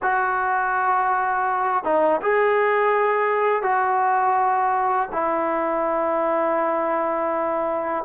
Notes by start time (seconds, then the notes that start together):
0.02 F#4
1.84 D#4
2.22 G#4
3.62 F#4
5.12 E4